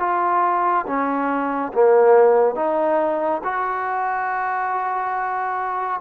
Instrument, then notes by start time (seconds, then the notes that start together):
trombone
0.00 F4
0.87 C#4
1.74 A#3
2.56 D#4
3.44 F#4